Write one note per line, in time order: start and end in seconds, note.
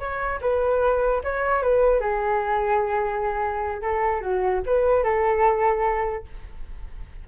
0.00 0.40 C#5
0.42 1.22 B4
1.24 1.63 C#5
1.63 2.01 B4
2.01 3.82 G#4
3.82 4.21 A4
4.21 4.62 F#4
4.66 5.04 B4
5.04 6.25 A4